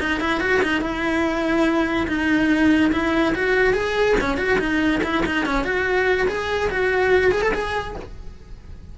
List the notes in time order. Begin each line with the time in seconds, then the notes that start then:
0.00 D#4
0.20 E4
0.40 F#4
0.62 D#4
0.81 E4
2.08 D#4
2.92 E4
3.35 F#4
3.73 G#4
4.21 C#4
4.38 F#4
4.59 D#4
5.03 E4
5.26 D#4
5.46 C#4
5.64 F#4
6.28 G#4
6.70 F#4
7.31 G#4
7.42 A4
7.54 G#4